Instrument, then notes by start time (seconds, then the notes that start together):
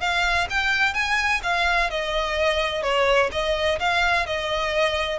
violin
0.00 F5
0.50 G5
0.94 G#5
1.43 F5
1.90 D#5
2.83 C#5
3.32 D#5
3.79 F5
4.26 D#5